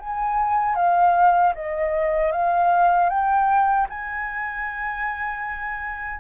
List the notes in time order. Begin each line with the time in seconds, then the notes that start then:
0.00 G#5
0.76 F5
1.55 D#5
2.32 F5
3.10 G5
3.90 G#5